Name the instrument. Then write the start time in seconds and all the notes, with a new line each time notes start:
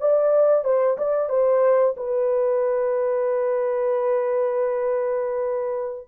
horn
0.00 D5
0.64 C5
0.98 D5
1.29 C5
1.97 B4